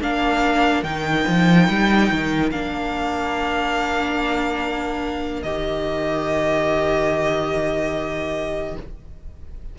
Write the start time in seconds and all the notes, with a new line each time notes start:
0.00 A#3 D4 A#4 F5
0.83 D#3 D#4 G5
1.28 F3
1.69 G3
2.11 D#3
2.51 A#3 D4 F5
5.43 D#3 G4 D#5